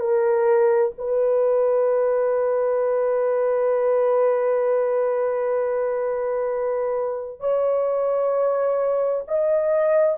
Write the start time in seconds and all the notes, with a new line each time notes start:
0.00 A#4
0.98 B4
7.40 C#5
9.28 D#5